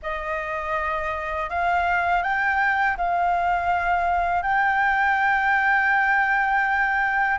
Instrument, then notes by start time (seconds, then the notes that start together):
flute
0.02 D#5
1.49 F5
2.22 G5
2.97 F5
4.42 G5